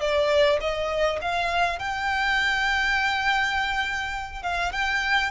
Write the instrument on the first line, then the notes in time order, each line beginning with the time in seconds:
violin
0.00 D5
0.60 D#5
1.21 F5
1.79 G5
4.43 F5
4.72 G5